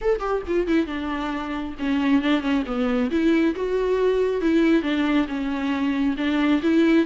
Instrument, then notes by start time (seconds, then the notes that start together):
viola
0.01 A4
0.19 G4
0.47 F4
0.67 E4
0.86 D4
1.79 C#4
2.22 D4
2.41 C#4
2.66 B3
3.10 E4
3.55 F#4
4.41 E4
4.82 D4
5.27 C#4
6.17 D4
6.62 E4